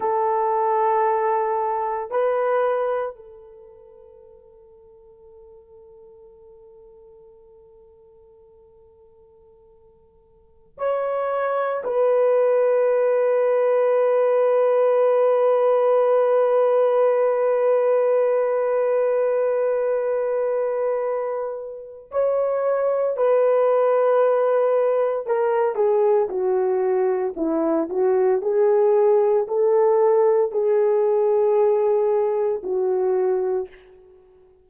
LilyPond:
\new Staff \with { instrumentName = "horn" } { \time 4/4 \tempo 4 = 57 a'2 b'4 a'4~ | a'1~ | a'2~ a'16 cis''4 b'8.~ | b'1~ |
b'1~ | b'4 cis''4 b'2 | ais'8 gis'8 fis'4 e'8 fis'8 gis'4 | a'4 gis'2 fis'4 | }